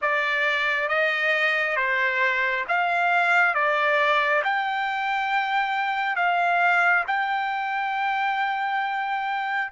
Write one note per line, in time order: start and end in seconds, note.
0.01 0.88 D5
0.88 1.76 D#5
1.76 2.64 C5
2.68 3.54 F5
3.54 4.42 D5
4.44 6.15 G5
6.15 7.03 F5
7.07 9.72 G5